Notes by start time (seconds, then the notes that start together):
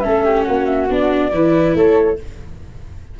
0.00 A3 C#4 A4 E5
0.25 G4
0.44 A#3 F#4 F#5
0.66 E5
0.90 B3 D4 D5
1.31 E3 E4 B4
1.75 A3 A4 C#5